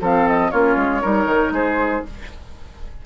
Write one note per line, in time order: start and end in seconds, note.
0.00 0.51 F3
0.00 0.51 C4
0.00 0.51 A4
0.00 0.27 F5
0.27 0.50 D#5
0.50 0.75 A#3
0.50 1.02 C#4
0.50 1.01 F4
0.50 1.53 C#5
0.75 1.01 G#3
1.01 1.25 G3
1.01 2.05 D#4
1.01 1.53 A#4
1.25 1.50 D#3
1.50 2.01 G#3
1.50 2.04 G#4
1.50 2.05 C5